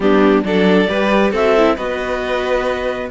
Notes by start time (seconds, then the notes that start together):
0.00 G3 B3 D4 G4
0.43 F#3 D4 A4 D5
0.87 G3 G4 B4
1.30 C4 F#4 A4 E5
1.57 E4
1.76 B3 F#4 B4 D#5